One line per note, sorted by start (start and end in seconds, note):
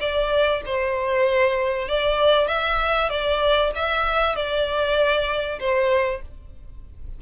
0.00 0.62 D5
0.66 1.89 C5
1.89 2.48 D5
2.48 3.10 E5
3.10 3.71 D5
3.76 4.36 E5
4.36 5.60 D5
5.60 6.22 C5